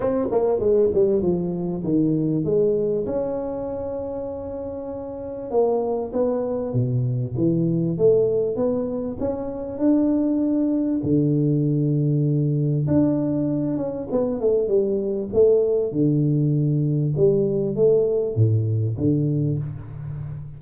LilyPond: \new Staff \with { instrumentName = "tuba" } { \time 4/4 \tempo 4 = 98 c'8 ais8 gis8 g8 f4 dis4 | gis4 cis'2.~ | cis'4 ais4 b4 b,4 | e4 a4 b4 cis'4 |
d'2 d2~ | d4 d'4. cis'8 b8 a8 | g4 a4 d2 | g4 a4 a,4 d4 | }